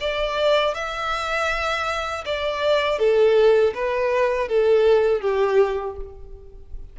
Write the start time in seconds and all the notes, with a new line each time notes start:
0.00 D5
0.74 E5
2.25 D5
2.98 A4
3.74 B4
4.48 A4
5.21 G4